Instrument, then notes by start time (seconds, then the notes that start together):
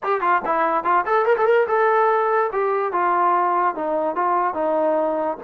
trombone
0.03 G4
0.20 F4
0.45 E4
0.83 F4
1.06 A4
1.25 A#4
1.37 A4
1.46 A#4
1.67 A4
2.52 G4
2.92 F4
3.75 D#4
4.15 F4
4.54 D#4